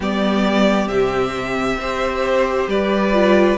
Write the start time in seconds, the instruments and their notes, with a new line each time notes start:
0.00 cello G3, viola B3, violin G4 D5
0.87 cello C3, viola C4, violin E5
1.77 cello C4, viola G4, violin C5
2.67 cello G3, violin B4 D5
3.12 viola F4